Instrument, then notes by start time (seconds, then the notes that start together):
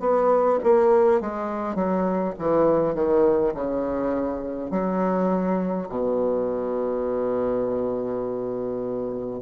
bassoon
0.00 B3
0.63 A#3
1.20 G#3
1.75 F#3
2.39 E3
2.95 D#3
3.54 C#3
4.71 F#3
5.89 B2